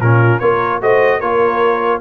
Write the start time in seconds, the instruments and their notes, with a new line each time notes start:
0.00 tuba A#2, trombone C#4, horn F4, trumpet A#4
0.40 tuba A#3, trombone F4, horn A#4, trumpet C#5
0.82 tuba A3, trombone F#4, horn C5, trumpet D#5
1.20 tuba A#3, trombone F4, horn A#4, trumpet C#5